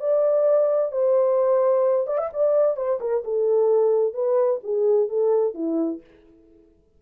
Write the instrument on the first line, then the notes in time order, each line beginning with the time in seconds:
horn
0.00 D5
0.92 C5
2.07 D5
2.18 E5
2.33 D5
2.77 C5
3.01 A#4
3.25 A4
4.14 B4
4.64 G#4
5.09 A4
5.55 E4